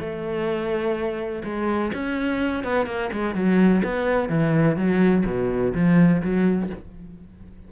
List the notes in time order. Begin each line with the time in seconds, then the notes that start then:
0.00 A3
1.44 G#3
1.94 C#4
2.64 B3
2.87 A#3
3.12 G#3
3.35 F#3
3.84 B3
4.29 E3
4.77 F#3
5.26 B2
5.75 F3
6.22 F#3